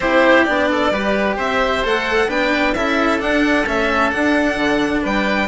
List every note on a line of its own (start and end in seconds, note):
0.00 0.46 C4
0.00 0.46 E4
0.00 0.69 G4
0.00 0.43 C5
0.43 0.90 B3
0.43 0.92 D4
0.43 1.35 D5
0.71 0.92 A4
0.90 1.36 G3
0.90 1.83 G4
0.90 1.36 B4
1.36 1.83 C4
1.36 2.27 C5
1.36 1.85 E5
1.83 2.28 A3
1.83 2.28 A4
1.83 2.29 F#5
2.27 2.74 B3
2.27 2.74 D4
2.27 2.73 B4
2.27 2.74 G5
2.74 3.20 C#4
2.74 3.19 E4
2.74 5.02 A4
2.74 3.20 E5
3.19 3.65 D4
3.19 3.66 D4
3.19 3.66 F#5
3.66 4.12 A3
3.66 4.11 C#4
3.66 4.10 E5
4.10 5.47 D4
4.10 4.56 D4
4.10 5.02 F#5
4.56 5.01 D3
5.02 5.47 G3
5.02 5.47 B4
5.02 5.47 G5